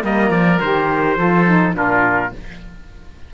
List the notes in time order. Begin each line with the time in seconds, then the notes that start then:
0.00 G3 A#3 A#4 D#5
0.30 F3 D5
0.60 D#3 G4 C5
1.17 F3 F4 A4
1.46 D#4
1.74 A#2 D4 F4 A#4